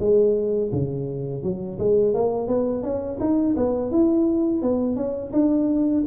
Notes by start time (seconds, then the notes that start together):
0.00 G#3
0.73 C#3
1.43 F#3
1.79 G#3
2.14 A#3
2.48 B3
2.83 C#4
3.20 D#4
3.57 B3
3.92 E4
4.63 B3
4.96 C#4
5.33 D4